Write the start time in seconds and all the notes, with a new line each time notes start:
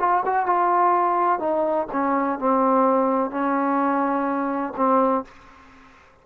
0.00 F4
0.26 F#4
0.46 F4
1.40 D#4
1.93 C#4
2.39 C4
3.31 C#4
4.77 C4